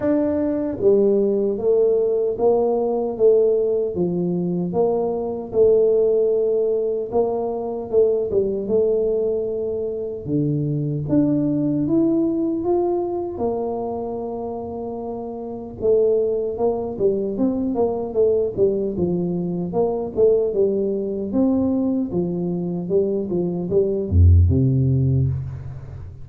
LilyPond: \new Staff \with { instrumentName = "tuba" } { \time 4/4 \tempo 4 = 76 d'4 g4 a4 ais4 | a4 f4 ais4 a4~ | a4 ais4 a8 g8 a4~ | a4 d4 d'4 e'4 |
f'4 ais2. | a4 ais8 g8 c'8 ais8 a8 g8 | f4 ais8 a8 g4 c'4 | f4 g8 f8 g8 f,8 c4 | }